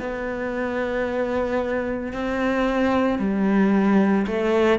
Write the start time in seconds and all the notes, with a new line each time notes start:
0.00 B3
2.13 C4
3.19 G3
4.27 A3